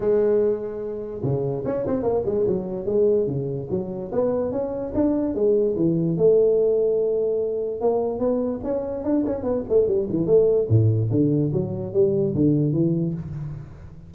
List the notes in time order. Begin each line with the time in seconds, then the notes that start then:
0.00 G#3
1.23 C#3
1.65 C#4
1.86 C4
2.02 A#3
2.25 G#3
2.47 F#3
2.85 G#3
3.27 C#3
3.70 F#3
4.12 B3
4.51 C#4
4.94 D4
5.34 G#3
5.76 E3
6.17 A3
7.81 A#3
8.19 B3
8.63 C#4
9.03 D4
9.26 C#4
9.43 B3
9.69 A3
9.87 G3
10.09 E3
10.26 A3
10.69 A2
11.10 D3
11.52 F#3
11.93 G3
12.34 D3
12.72 E3